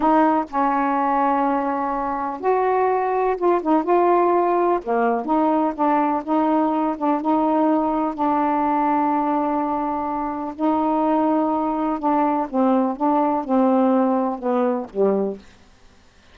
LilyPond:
\new Staff \with { instrumentName = "saxophone" } { \time 4/4 \tempo 4 = 125 dis'4 cis'2.~ | cis'4 fis'2 f'8 dis'8 | f'2 ais4 dis'4 | d'4 dis'4. d'8 dis'4~ |
dis'4 d'2.~ | d'2 dis'2~ | dis'4 d'4 c'4 d'4 | c'2 b4 g4 | }